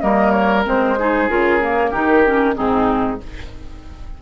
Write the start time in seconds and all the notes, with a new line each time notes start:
0.00 G3 A#3 A#4 D#5
0.31 C#5
0.64 G#3 C4 C5
0.99 D#4 G#4
1.29 C#3 F4 A#4
1.61 A#3
1.91 D#3 D#4 G4
2.25 C#4
2.54 G#2 C4 D#4 G#4